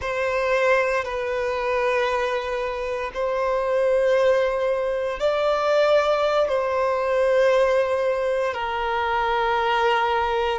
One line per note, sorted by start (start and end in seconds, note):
0.01 1.04 C5
1.04 3.11 B4
3.14 5.19 C5
5.19 6.48 D5
6.48 8.53 C5
8.53 10.59 A#4